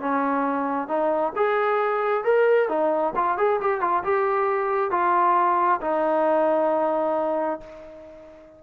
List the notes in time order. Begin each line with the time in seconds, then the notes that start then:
0.00 C#4
0.88 D#4
1.36 G#4
2.24 A#4
2.69 D#4
3.16 F4
3.38 G#4
3.61 G4
3.81 F4
4.04 G4
4.91 F4
5.81 D#4